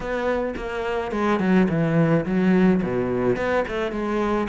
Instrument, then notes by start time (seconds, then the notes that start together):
cello
0.00 B3
0.56 A#3
1.11 G#3
1.39 F#3
1.69 E3
2.25 F#3
2.82 B2
3.36 B3
3.68 A3
3.91 G#3